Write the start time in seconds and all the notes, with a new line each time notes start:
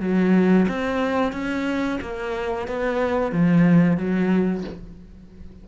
0.00 F#3
0.68 C4
1.33 C#4
2.01 A#3
2.68 B3
3.32 F3
3.98 F#3